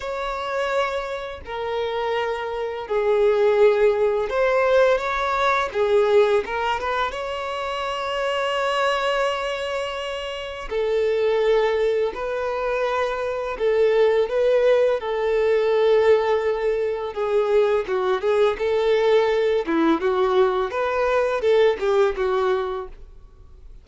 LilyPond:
\new Staff \with { instrumentName = "violin" } { \time 4/4 \tempo 4 = 84 cis''2 ais'2 | gis'2 c''4 cis''4 | gis'4 ais'8 b'8 cis''2~ | cis''2. a'4~ |
a'4 b'2 a'4 | b'4 a'2. | gis'4 fis'8 gis'8 a'4. e'8 | fis'4 b'4 a'8 g'8 fis'4 | }